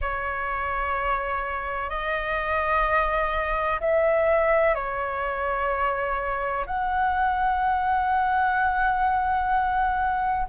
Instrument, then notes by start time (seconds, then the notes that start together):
flute
0.01 C#5
1.89 D#5
3.80 E5
4.74 C#5
6.66 F#5